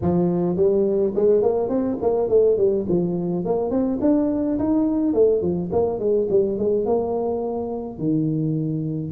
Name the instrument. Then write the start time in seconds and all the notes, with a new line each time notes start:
tuba
0.01 F3
0.56 G3
1.15 G#3
1.42 A#3
1.68 C4
2.01 A#3
2.29 A3
2.57 G3
2.88 F3
3.44 A#3
3.70 C4
4.01 D4
4.58 D#4
5.13 A3
5.41 F3
5.72 A#3
5.99 G#3
6.30 G3
6.58 G#3
6.85 A#3
7.98 D#3